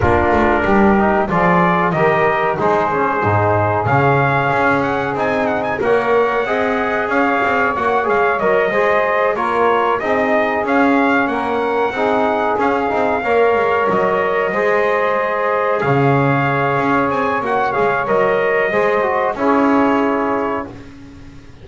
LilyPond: <<
  \new Staff \with { instrumentName = "trumpet" } { \time 4/4 \tempo 4 = 93 ais'2 d''4 dis''4 | c''2 f''4. fis''8 | gis''8 fis''16 gis''16 fis''2 f''4 | fis''8 f''8 dis''4. cis''4 dis''8~ |
dis''8 f''4 fis''2 f''8~ | f''4. dis''2~ dis''8~ | dis''8 f''2 gis''8 fis''8 f''8 | dis''2 cis''2 | }
  \new Staff \with { instrumentName = "saxophone" } { \time 4/4 f'4 g'4 gis'4 ais'4 | gis'1~ | gis'4 cis''4 dis''4 cis''4~ | cis''4. c''4 ais'4 gis'8~ |
gis'4. ais'4 gis'4.~ | gis'8 cis''2 c''4.~ | c''8 cis''2.~ cis''8~ | cis''4 c''4 gis'2 | }
  \new Staff \with { instrumentName = "trombone" } { \time 4/4 d'4. dis'8 f'4 g'4 | dis'8 cis'8 dis'4 cis'2 | dis'4 ais'4 gis'2 | fis'8 gis'8 ais'8 gis'4 f'4 dis'8~ |
dis'8 cis'2 dis'4 cis'8 | dis'8 ais'2 gis'4.~ | gis'2. fis'8 gis'8 | ais'4 gis'8 fis'8 e'2 | }
  \new Staff \with { instrumentName = "double bass" } { \time 4/4 ais8 a8 g4 f4 dis4 | gis4 gis,4 cis4 cis'4 | c'4 ais4 c'4 cis'8 c'8 | ais8 gis8 fis8 gis4 ais4 c'8~ |
c'8 cis'4 ais4 c'4 cis'8 | c'8 ais8 gis8 fis4 gis4.~ | gis8 cis4. cis'8 c'8 ais8 gis8 | fis4 gis4 cis'2 | }
>>